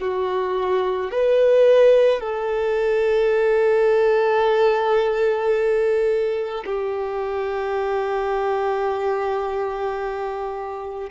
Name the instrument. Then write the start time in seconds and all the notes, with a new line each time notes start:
violin
0.00 F#4
1.11 B4
2.20 A4
6.65 G4